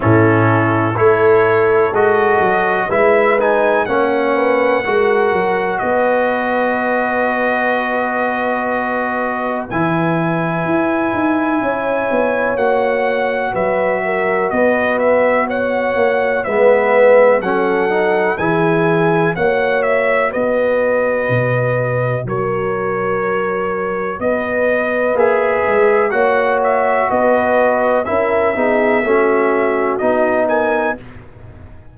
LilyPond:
<<
  \new Staff \with { instrumentName = "trumpet" } { \time 4/4 \tempo 4 = 62 a'4 cis''4 dis''4 e''8 gis''8 | fis''2 dis''2~ | dis''2 gis''2~ | gis''4 fis''4 e''4 dis''8 e''8 |
fis''4 e''4 fis''4 gis''4 | fis''8 e''8 dis''2 cis''4~ | cis''4 dis''4 e''4 fis''8 e''8 | dis''4 e''2 dis''8 gis''8 | }
  \new Staff \with { instrumentName = "horn" } { \time 4/4 e'4 a'2 b'4 | cis''8 b'8 ais'4 b'2~ | b'1 | cis''2 b'8 ais'8 b'4 |
cis''4 b'4 a'4 gis'4 | cis''4 b'2 ais'4~ | ais'4 b'2 cis''4 | b'4 ais'8 gis'8 fis'4. ais'8 | }
  \new Staff \with { instrumentName = "trombone" } { \time 4/4 cis'4 e'4 fis'4 e'8 dis'8 | cis'4 fis'2.~ | fis'2 e'2~ | e'4 fis'2.~ |
fis'4 b4 cis'8 dis'8 e'4 | fis'1~ | fis'2 gis'4 fis'4~ | fis'4 e'8 dis'8 cis'4 dis'4 | }
  \new Staff \with { instrumentName = "tuba" } { \time 4/4 a,4 a4 gis8 fis8 gis4 | ais4 gis8 fis8 b2~ | b2 e4 e'8 dis'8 | cis'8 b8 ais4 fis4 b4~ |
b8 ais8 gis4 fis4 e4 | ais4 b4 b,4 fis4~ | fis4 b4 ais8 gis8 ais4 | b4 cis'8 b8 a4 b4 | }
>>